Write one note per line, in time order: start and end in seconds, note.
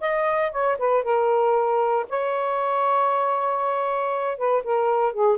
0.00 0.51 D#5
0.51 0.77 C#5
0.78 1.03 B4
1.03 2.06 A#4
2.09 4.38 C#5
4.38 4.63 B4
4.63 5.13 A#4
5.13 5.37 G#4